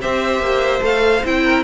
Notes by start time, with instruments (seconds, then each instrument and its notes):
0.00 cello C4, viola G4, violin C5 E5
0.39 cello A#3
0.80 cello A3, viola A4, violin F5
1.24 cello C4, viola E4, violin G5
1.44 violin A#4